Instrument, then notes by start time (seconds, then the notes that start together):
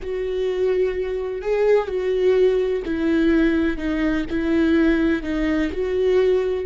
viola
0.02 F#4
1.41 G#4
1.87 F#4
2.85 E4
3.77 D#4
4.30 E4
5.23 D#4
5.72 F#4